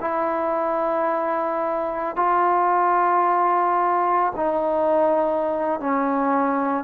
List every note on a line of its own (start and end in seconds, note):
0.00 2.16 E4
2.16 4.32 F4
4.35 5.79 D#4
5.79 6.84 C#4